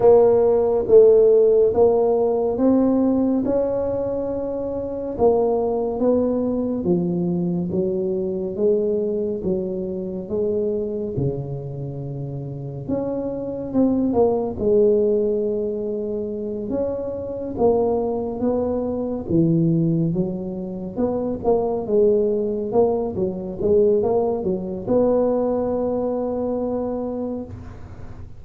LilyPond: \new Staff \with { instrumentName = "tuba" } { \time 4/4 \tempo 4 = 70 ais4 a4 ais4 c'4 | cis'2 ais4 b4 | f4 fis4 gis4 fis4 | gis4 cis2 cis'4 |
c'8 ais8 gis2~ gis8 cis'8~ | cis'8 ais4 b4 e4 fis8~ | fis8 b8 ais8 gis4 ais8 fis8 gis8 | ais8 fis8 b2. | }